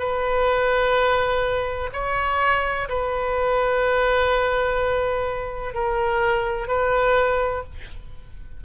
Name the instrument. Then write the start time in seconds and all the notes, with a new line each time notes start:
oboe
0.00 B4
1.94 C#5
2.89 B4
5.74 A#4
6.68 B4